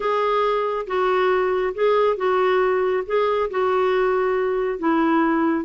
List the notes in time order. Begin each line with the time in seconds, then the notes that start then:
0.00 G#4
0.86 F#4
1.74 G#4
2.16 F#4
3.06 G#4
3.50 F#4
4.78 E4